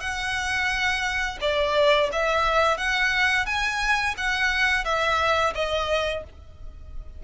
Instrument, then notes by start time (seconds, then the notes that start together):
violin
0.00 F#5
1.40 D5
2.12 E5
2.77 F#5
3.45 G#5
4.17 F#5
4.84 E5
5.54 D#5